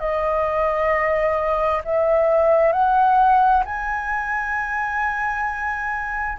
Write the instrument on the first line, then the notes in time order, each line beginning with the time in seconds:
flute
0.00 D#5
1.85 E5
2.73 F#5
3.66 G#5